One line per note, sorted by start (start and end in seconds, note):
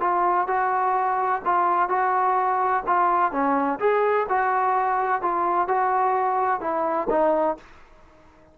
0.00 0.47 F4
0.47 1.42 F#4
1.45 1.89 F4
1.89 2.83 F#4
2.86 3.31 F4
3.31 3.79 C#4
3.79 4.26 G#4
4.29 5.22 F#4
5.22 5.68 F4
5.68 6.61 F#4
6.61 7.08 E4
7.10 7.57 D#4